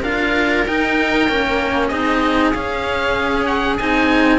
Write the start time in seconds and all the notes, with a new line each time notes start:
0.00 D4 F4 A#4 F5
0.66 D#4 G5
1.29 A#3 C#4
1.88 C4 D#4 G#4 D#5
2.53 C#4 F5
3.45 F#5
3.77 C4 D#4 G#5